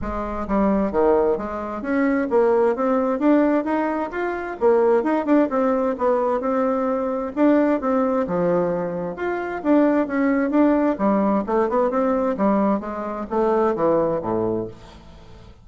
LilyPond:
\new Staff \with { instrumentName = "bassoon" } { \time 4/4 \tempo 4 = 131 gis4 g4 dis4 gis4 | cis'4 ais4 c'4 d'4 | dis'4 f'4 ais4 dis'8 d'8 | c'4 b4 c'2 |
d'4 c'4 f2 | f'4 d'4 cis'4 d'4 | g4 a8 b8 c'4 g4 | gis4 a4 e4 a,4 | }